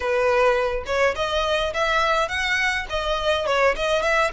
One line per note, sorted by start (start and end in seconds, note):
0.00 0.83 B4
0.85 1.14 C#5
1.15 1.73 D#5
1.73 2.28 E5
2.28 2.86 F#5
2.89 3.46 D#5
3.46 3.75 C#5
3.76 4.02 D#5
4.02 4.31 E5